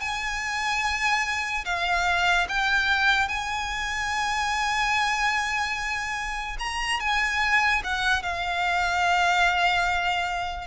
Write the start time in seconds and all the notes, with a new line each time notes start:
0.00 G#5
1.65 F5
2.48 G5
3.28 G#5
6.59 A#5
7.00 G#5
7.84 F#5
8.23 F5